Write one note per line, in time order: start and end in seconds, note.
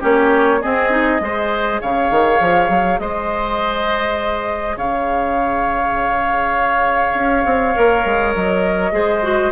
0.00 0.63 A#3
0.00 0.60 C#4
0.00 0.59 G4
0.00 0.62 C#5
0.62 0.90 C4
0.62 1.20 C4
0.62 1.21 G#4
0.62 1.80 D#5
0.90 1.20 D#4
1.20 1.79 G#3
1.20 7.73 G#4
1.20 1.81 C5
1.81 2.10 C#3
1.81 3.00 C#5
1.81 2.99 F5
2.10 2.40 D#3
2.40 2.69 F3
2.69 2.99 F#3
2.99 4.77 G#3
2.99 4.76 C5
2.99 4.77 D#5
4.76 7.14 C#3
4.76 8.92 C#5
4.76 8.34 F5
7.14 7.44 C#4
7.45 7.74 C4
7.75 8.05 A#3
7.75 8.92 A#4
8.05 8.35 G#3
8.34 8.92 F#3
8.34 9.52 D#5
8.92 9.51 G#3
8.92 9.22 G#4
8.92 9.52 C5
9.23 9.52 F#4